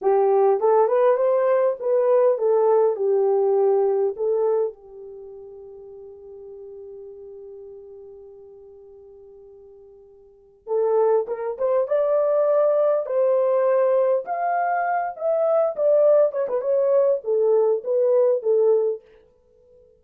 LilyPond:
\new Staff \with { instrumentName = "horn" } { \time 4/4 \tempo 4 = 101 g'4 a'8 b'8 c''4 b'4 | a'4 g'2 a'4 | g'1~ | g'1~ |
g'2 a'4 ais'8 c''8 | d''2 c''2 | f''4. e''4 d''4 cis''16 b'16 | cis''4 a'4 b'4 a'4 | }